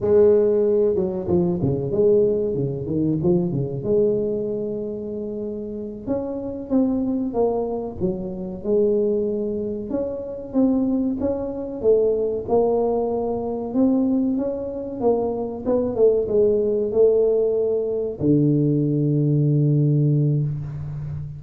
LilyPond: \new Staff \with { instrumentName = "tuba" } { \time 4/4 \tempo 4 = 94 gis4. fis8 f8 cis8 gis4 | cis8 dis8 f8 cis8 gis2~ | gis4. cis'4 c'4 ais8~ | ais8 fis4 gis2 cis'8~ |
cis'8 c'4 cis'4 a4 ais8~ | ais4. c'4 cis'4 ais8~ | ais8 b8 a8 gis4 a4.~ | a8 d2.~ d8 | }